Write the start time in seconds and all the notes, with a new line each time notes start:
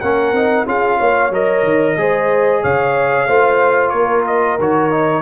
0.00 A#3 C#4 A#4 F#5
0.32 C4 D#4
0.66 C#4 F4 G#4 F5
0.97 A#3 C#5
1.30 F#3 A#4 D#5
1.63 D#3
1.97 G#3 G#4 C5
2.62 C#3 C#5 F5
3.27 A3 F4 C5
3.89 A#3 A#4 C#5
4.26 D#5
4.58 D#3 F#4 C#5
4.90 D#4